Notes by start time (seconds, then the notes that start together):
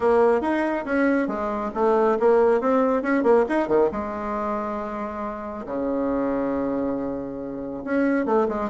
0.00 A#3
0.41 D#4
0.85 C#4
1.27 G#3
1.74 A3
2.19 A#3
2.60 C4
3.02 C#4
3.23 A#3
3.48 D#4
3.68 D#3
3.91 G#3
5.65 C#3
7.84 C#4
8.25 A3
8.48 G#3